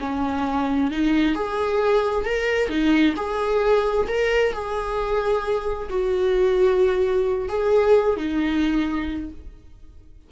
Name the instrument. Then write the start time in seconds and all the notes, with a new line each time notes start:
viola
0.00 C#4
0.91 D#4
1.35 G#4
2.25 A#4
2.68 D#4
3.16 G#4
4.08 A#4
4.52 G#4
5.89 F#4
7.48 G#4
8.16 D#4